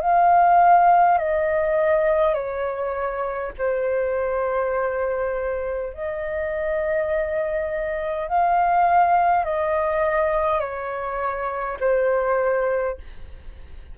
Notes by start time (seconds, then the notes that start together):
0.00 F5
1.18 D#5
2.34 C#5
3.58 C5
5.93 D#5
8.28 F5
9.44 D#5
10.60 C#5
11.80 C5